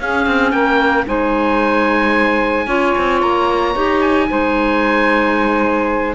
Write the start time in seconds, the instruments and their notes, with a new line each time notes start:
0.00 cello C#4, clarinet C#4, saxophone G#4, oboe F5
0.27 cello C4
0.51 cello A#3, saxophone A#4, oboe G5
1.06 cello G#3, clarinet D#4, saxophone C5, oboe G#5
2.67 cello C#4, clarinet F4, saxophone C#5
2.98 cello C4
3.22 cello A#3, oboe A#5
3.76 cello D#4, clarinet G4
4.02 oboe G#5
4.29 cello G#3, clarinet D#4, saxophone C5